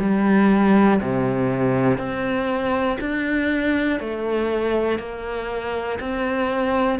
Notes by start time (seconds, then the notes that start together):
0.00 G3
1.01 C3
1.98 C4
3.00 D4
4.00 A3
5.00 A#3
6.00 C4